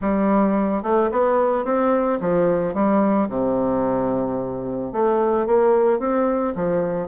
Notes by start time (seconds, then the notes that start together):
0.01 G3
0.82 A3
1.11 B3
1.64 C4
2.20 F3
2.73 G3
3.29 C3
4.92 A3
5.46 A#3
5.99 C4
6.55 F3